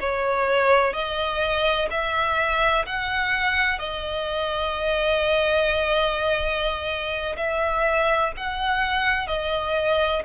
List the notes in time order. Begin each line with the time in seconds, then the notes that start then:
0.00 C#5
0.93 D#5
1.90 E5
2.86 F#5
3.79 D#5
7.37 E5
8.36 F#5
9.27 D#5